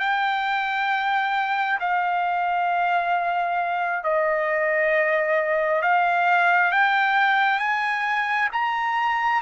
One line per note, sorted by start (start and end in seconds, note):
0.00 1.79 G5
1.80 4.04 F5
4.04 5.82 D#5
5.82 6.72 F5
6.72 7.60 G5
7.60 8.49 G#5
8.53 9.42 A#5